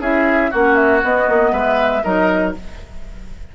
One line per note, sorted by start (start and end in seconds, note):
0.00 0.50 C#4
0.00 0.52 E4
0.00 0.51 G#4
0.00 0.53 E5
0.51 1.03 A#3
0.51 1.02 C#4
0.51 1.52 F#4
0.51 0.76 F#5
0.76 1.01 E5
1.02 2.03 B3
1.02 1.29 B3
1.02 1.54 D#5
1.29 1.53 A#3
1.53 2.03 G#3
1.53 2.03 B4
1.53 2.04 E5
2.04 2.56 F#3
2.04 2.55 D#4
2.04 2.55 A#4
2.04 2.54 D#5